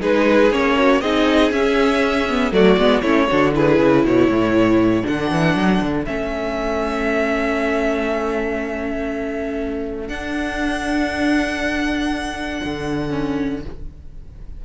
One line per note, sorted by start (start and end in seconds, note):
0.00 0.51 G#3
0.00 0.50 D#4
0.00 0.76 G#4
0.00 0.52 B4
0.51 1.01 A#3
0.51 1.02 C#4
0.51 1.01 C#5
0.77 1.01 F#4
1.01 1.51 C4
1.01 1.51 D#4
1.01 2.53 G#4
1.01 1.51 D#5
1.51 2.27 C#4
1.51 2.51 C#4
1.51 2.53 E5
2.29 2.53 B3
2.51 2.76 F#3
2.51 2.78 A3
2.51 3.02 F#4
2.51 3.01 D5
2.77 3.02 G#3
2.77 3.04 B3
3.01 3.28 A3
3.01 3.30 C#4
3.01 3.27 E4
3.01 3.51 C#5
3.29 3.79 D3
3.29 3.53 D4
3.29 3.55 F#4
3.53 5.03 E4
3.53 4.06 G#4
3.53 4.06 B4
3.79 4.04 C#3
4.04 4.28 B2
4.04 13.64 A4
4.04 5.07 C#5
4.28 5.03 A2
5.03 5.31 D3
5.03 6.04 D4
5.03 6.05 F#5
5.31 5.55 E3
5.55 5.80 F#3
5.82 6.07 D3
6.05 10.09 A3
6.05 10.08 C#4
6.05 10.08 E5
10.08 13.09 D4
10.08 12.61 D4
10.08 13.61 F#5
12.64 13.65 D3
13.09 13.60 C#4